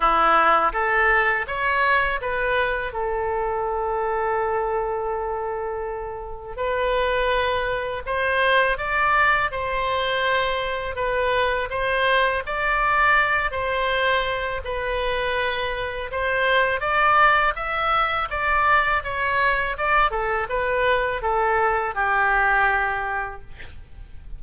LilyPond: \new Staff \with { instrumentName = "oboe" } { \time 4/4 \tempo 4 = 82 e'4 a'4 cis''4 b'4 | a'1~ | a'4 b'2 c''4 | d''4 c''2 b'4 |
c''4 d''4. c''4. | b'2 c''4 d''4 | e''4 d''4 cis''4 d''8 a'8 | b'4 a'4 g'2 | }